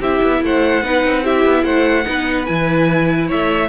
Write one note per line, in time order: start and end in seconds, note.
0.00 0.21 C4
0.00 0.83 E4
0.00 0.41 G4
0.00 0.43 E5
0.22 0.42 B3
0.42 0.83 A3
0.42 0.83 C5
0.42 1.26 F#5
0.83 1.04 B3
0.83 1.23 D#4
0.83 1.24 B4
1.05 1.45 C4
1.23 2.04 E4
1.23 1.64 G4
1.23 1.65 E5
1.45 1.64 B3
1.64 2.06 A3
1.64 2.05 C5
1.64 2.46 F#5
2.04 2.49 B3
2.04 2.45 D#4
2.04 3.28 B4
2.46 3.31 E3
2.46 3.69 E4
2.46 3.28 G#5
3.28 3.69 A3
3.28 3.69 C#5
3.28 3.69 E5